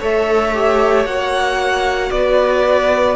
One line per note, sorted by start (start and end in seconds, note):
0.00 1.06 A3
0.00 0.54 A4
0.00 2.11 C#5
0.00 1.06 E5
0.54 1.06 G4
1.06 2.11 A#3
1.06 3.16 F#4
1.06 2.11 F#5
2.11 3.16 B3
2.11 3.16 B4
2.11 3.16 D5